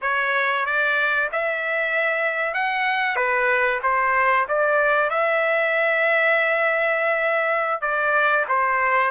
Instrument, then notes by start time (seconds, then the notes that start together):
trumpet
0.01 C#5
0.65 D5
1.32 E5
2.54 F#5
3.16 B4
3.82 C5
4.48 D5
5.10 E5
7.81 D5
8.48 C5